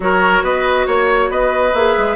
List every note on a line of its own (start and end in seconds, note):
0.00 0.42 F#3
0.00 1.71 F#4
0.00 0.43 A#4
0.00 0.44 C#5
0.42 0.86 B3
0.42 0.86 B4
0.42 0.87 D#5
0.86 1.29 A#3
0.86 1.30 C#5
0.86 1.31 C#5
1.29 1.73 B3
1.29 2.16 B4
1.29 1.74 D#5
1.73 1.95 A#3
1.73 2.16 G#4
1.73 2.16 E5
1.97 2.16 G#3